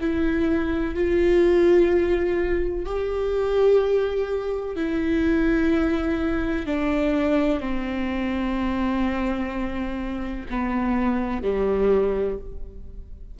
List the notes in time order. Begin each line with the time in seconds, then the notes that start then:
0.00 E4
0.94 F4
2.85 G4
4.76 E4
6.66 D4
7.60 C4
10.50 B3
11.42 G3